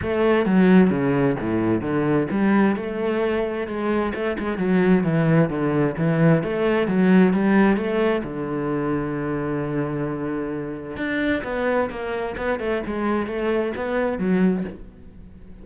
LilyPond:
\new Staff \with { instrumentName = "cello" } { \time 4/4 \tempo 4 = 131 a4 fis4 cis4 a,4 | d4 g4 a2 | gis4 a8 gis8 fis4 e4 | d4 e4 a4 fis4 |
g4 a4 d2~ | d1 | d'4 b4 ais4 b8 a8 | gis4 a4 b4 fis4 | }